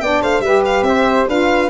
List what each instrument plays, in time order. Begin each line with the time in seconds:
0.00 tuba B3, saxophone D4, flute D5, violin G5
0.22 tuba A3, flute C5, violin F5
0.40 tuba G3, saxophone G4, flute B4, violin E5
0.65 violin F5
0.82 tuba C4, flute C5, violin E5
1.27 tuba D4, saxophone F4, flute B4, violin F5